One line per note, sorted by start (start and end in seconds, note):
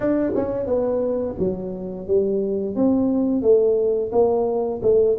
0.00 0.32 D4
0.34 0.66 C#4
0.66 1.35 B3
1.38 2.07 F#3
2.07 2.75 G3
2.75 3.42 C4
3.42 4.11 A3
4.12 4.81 A#3
4.82 5.16 A3